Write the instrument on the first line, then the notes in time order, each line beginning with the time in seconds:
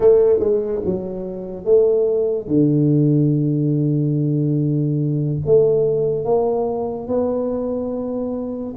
tuba
0.00 A3
0.39 G#3
0.85 F#3
1.64 A3
2.47 D3
5.45 A3
6.24 A#3
7.07 B3